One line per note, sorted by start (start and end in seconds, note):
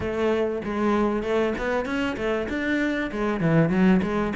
0.00 0.62 A3
0.64 1.22 G#3
1.22 1.53 A3
1.58 1.85 B3
1.85 2.16 C#4
2.16 2.47 A3
2.49 3.10 D4
3.11 3.40 G#3
3.40 3.69 E3
3.69 4.00 F#3
4.02 4.33 G#3